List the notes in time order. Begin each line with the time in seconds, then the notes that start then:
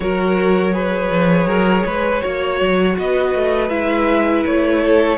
0.00 F#3 F#4 A#4 C#5
0.72 G#4 B4
1.10 F3
1.46 F#3 A#4
1.85 G#3 B4
2.21 A#3 F#4 C#5
2.60 F#3
2.98 B3 B4 D#5
3.34 A3
3.69 G#3 E4 E5
4.45 A3 C#5
4.81 A4